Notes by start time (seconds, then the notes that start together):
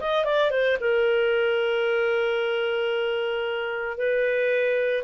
0.00 D#5
0.25 D5
0.50 C5
0.80 A#4
3.98 B4